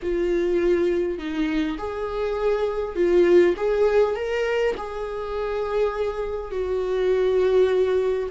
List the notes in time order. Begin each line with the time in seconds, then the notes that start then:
0.02 F4
1.18 D#4
1.77 G#4
2.95 F4
3.56 G#4
4.15 A#4
4.77 G#4
6.50 F#4